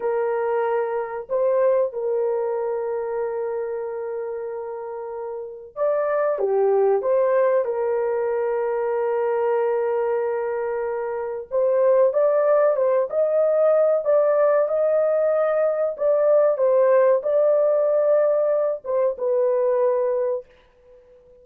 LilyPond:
\new Staff \with { instrumentName = "horn" } { \time 4/4 \tempo 4 = 94 ais'2 c''4 ais'4~ | ais'1~ | ais'4 d''4 g'4 c''4 | ais'1~ |
ais'2 c''4 d''4 | c''8 dis''4. d''4 dis''4~ | dis''4 d''4 c''4 d''4~ | d''4. c''8 b'2 | }